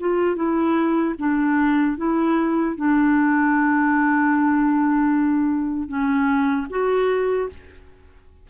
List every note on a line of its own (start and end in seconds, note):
0.00 0.36 F4
0.36 1.15 E4
1.18 1.97 D4
1.97 2.76 E4
2.76 5.88 D4
5.88 6.67 C#4
6.70 7.49 F#4